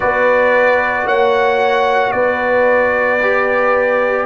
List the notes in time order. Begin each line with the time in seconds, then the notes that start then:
0.00 B3 F#4 B4 D5
1.05 A#3 C#5 F#5
2.11 B3 B4 D5
3.21 G4